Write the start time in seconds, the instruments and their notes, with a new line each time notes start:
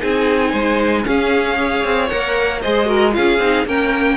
0.00 cello C4, viola D#4, violin G#4 G#5
0.50 cello G#3, violin C5
1.04 viola C#4, cello C#4, violin G#4 F5
1.56 viola G#4, violin C#5
1.84 cello C4
2.08 cello A#3, viola A#4, violin F#5
2.61 cello G#3, viola G#4, violin C5 D#5
2.86 viola F#4, violin A#4
3.12 cello C#4, viola F4, violin G#4 F5
3.39 cello C4, viola D#4
3.66 cello A#3, viola C#4, violin A#4 G5